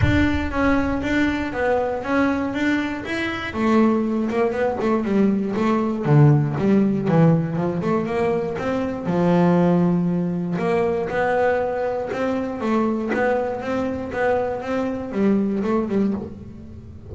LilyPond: \new Staff \with { instrumentName = "double bass" } { \time 4/4 \tempo 4 = 119 d'4 cis'4 d'4 b4 | cis'4 d'4 e'4 a4~ | a8 ais8 b8 a8 g4 a4 | d4 g4 e4 f8 a8 |
ais4 c'4 f2~ | f4 ais4 b2 | c'4 a4 b4 c'4 | b4 c'4 g4 a8 g8 | }